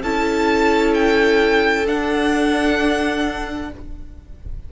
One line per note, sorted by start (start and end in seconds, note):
0.00 1.86 C#4
0.00 1.86 E4
0.00 3.69 A4
0.00 0.94 A5
0.94 1.86 G5
1.86 3.71 D4
1.86 3.72 F#5